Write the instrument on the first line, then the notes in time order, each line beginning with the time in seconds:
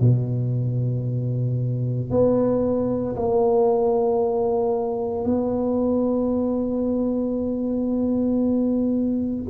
tuba
0.00 B2
2.11 B3
3.16 A#3
5.25 B3